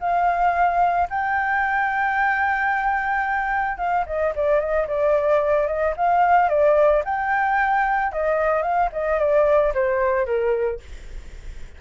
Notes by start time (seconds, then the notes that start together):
0.00 F5
1.10 G5
3.77 F5
4.06 D#5
4.35 D5
4.59 D#5
4.87 D5
5.67 D#5
5.97 F5
6.49 D5
7.05 G5
8.12 D#5
8.62 F5
8.92 D#5
9.19 D5
9.74 C5
10.26 A#4